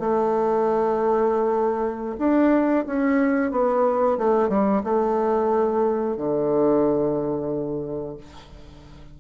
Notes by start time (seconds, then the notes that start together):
0.00 A3
2.19 D4
2.87 C#4
3.52 B3
4.18 A3
4.49 G3
4.84 A3
6.17 D3